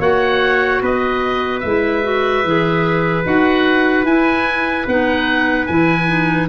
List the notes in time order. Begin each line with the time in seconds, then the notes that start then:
0.00 A#3 F#4 C#5 F#5
0.82 B3 B4 D#5
1.60 G#3 E4 E5
2.03 F#4
2.44 E3 G#4
3.25 D#4 F#4 F#5
4.05 E4 G#5
4.87 B3 D#4 F#5
5.67 E3 E4 G#5
6.07 D#4